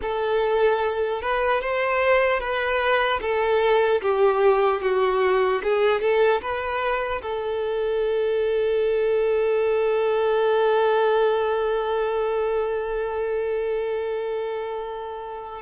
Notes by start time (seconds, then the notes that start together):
0.01 A4
1.21 B4
1.61 C5
2.40 B4
3.21 A4
4.01 G4
4.81 F#4
5.63 G#4
6.01 A4
6.41 B4
7.22 A4